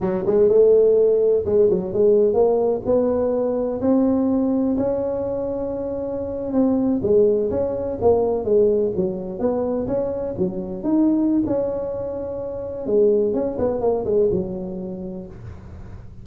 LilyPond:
\new Staff \with { instrumentName = "tuba" } { \time 4/4 \tempo 4 = 126 fis8 gis8 a2 gis8 fis8 | gis4 ais4 b2 | c'2 cis'2~ | cis'4.~ cis'16 c'4 gis4 cis'16~ |
cis'8. ais4 gis4 fis4 b16~ | b8. cis'4 fis4 dis'4~ dis'16 | cis'2. gis4 | cis'8 b8 ais8 gis8 fis2 | }